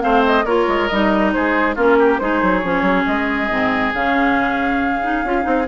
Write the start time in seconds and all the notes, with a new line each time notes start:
0.00 A3 C4 C5 F5
0.25 D#5
0.44 A#3 F4 A#4 C#5
0.67 G#3
0.87 G3 D#4 D#5
1.32 G#3 G#4 C5
1.75 A#3 C#4 F4 A#4
1.98 G4
2.18 G#3 D#4 G#4 C5
2.42 F#3
2.59 F3 C#4 C#5
2.81 F#3
3.06 G#3 D#5
3.50 G#2 C4
3.93 C#3 C#4 F5
5.02 D#4
5.23 C#4 F4
5.41 C4 D#4